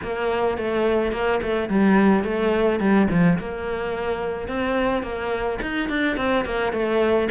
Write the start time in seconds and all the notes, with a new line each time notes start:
0.03 A#3
0.57 A3
1.12 A#3
1.42 A3
1.69 G3
2.24 A3
2.79 G3
3.10 F3
3.38 A#3
4.48 C4
5.02 A#3
5.62 D#4
5.89 D4
6.17 C4
6.45 A#3
6.72 A3